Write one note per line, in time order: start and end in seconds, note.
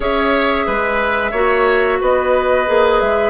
0.00 0.67 C#4
0.00 1.33 G#4
0.00 0.66 C#5
0.00 2.01 E5
0.66 1.32 G#3
0.66 1.31 B4
1.31 1.99 A#3
1.31 2.66 F#4
1.31 1.97 C#5
2.00 2.68 B3
2.00 3.30 B4
2.00 3.00 D#5
2.66 3.01 A#3
2.66 3.30 G#4
3.00 3.30 G#3
3.00 3.30 E5